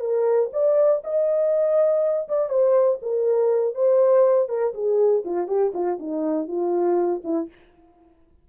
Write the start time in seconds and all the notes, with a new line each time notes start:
0.00 A#4
0.53 D5
1.04 D#5
2.28 D5
2.49 C5
3.02 A#4
3.75 C5
4.49 A#4
4.74 G#4
5.25 F4
5.47 G4
5.74 F4
5.99 D#4
6.48 F4
7.24 E4